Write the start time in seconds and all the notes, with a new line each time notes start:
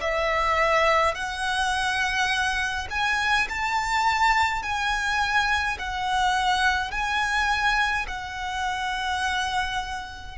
0.00 E5
1.14 F#5
2.90 G#5
3.49 A5
4.62 G#5
5.78 F#5
6.91 G#5
8.07 F#5